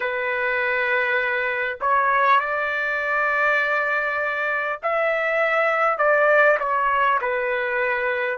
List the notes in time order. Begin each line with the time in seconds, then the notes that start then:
0.00 B4
1.80 C#5
2.40 D5
4.83 E5
5.98 D5
6.59 C#5
7.21 B4